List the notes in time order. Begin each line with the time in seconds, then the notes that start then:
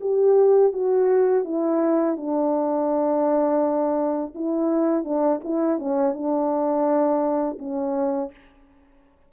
0.00 G4
0.72 F#4
1.44 E4
2.17 D4
4.34 E4
5.04 D4
5.43 E4
5.78 C#4
6.13 D4
7.58 C#4